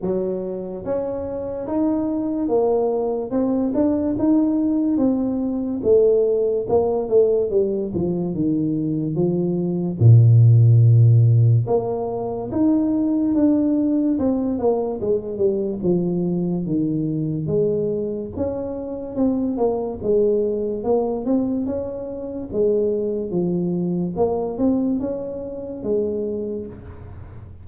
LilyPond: \new Staff \with { instrumentName = "tuba" } { \time 4/4 \tempo 4 = 72 fis4 cis'4 dis'4 ais4 | c'8 d'8 dis'4 c'4 a4 | ais8 a8 g8 f8 dis4 f4 | ais,2 ais4 dis'4 |
d'4 c'8 ais8 gis8 g8 f4 | dis4 gis4 cis'4 c'8 ais8 | gis4 ais8 c'8 cis'4 gis4 | f4 ais8 c'8 cis'4 gis4 | }